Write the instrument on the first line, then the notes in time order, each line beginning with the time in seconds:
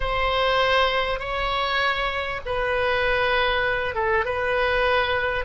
oboe
0.00 C5
1.19 C#5
2.45 B4
3.94 A4
4.25 B4